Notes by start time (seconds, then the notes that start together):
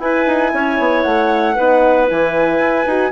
0.00 E4 B4 G#5
0.27 D#4
0.53 C#4 C#5
0.79 B3
1.03 A3 F#5
1.55 B3 D#4 B4
2.07 E3 E4 G#5
2.60 E4
2.86 D#4 F#4